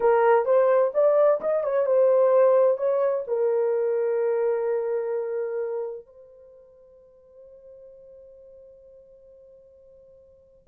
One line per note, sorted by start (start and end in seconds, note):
0.00 0.45 A#4
0.45 0.91 C5
0.94 1.40 D5
1.40 1.63 D#5
1.63 1.86 C#5
1.86 2.77 C5
2.77 3.24 C#5
3.27 6.06 A#4
6.06 10.67 C5